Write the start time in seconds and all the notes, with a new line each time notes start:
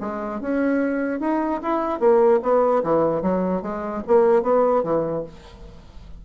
0.00 G#3
0.41 C#4
1.20 D#4
1.62 E4
1.99 A#3
2.42 B3
2.83 E3
3.22 F#3
3.62 G#3
4.07 A#3
4.42 B3
4.83 E3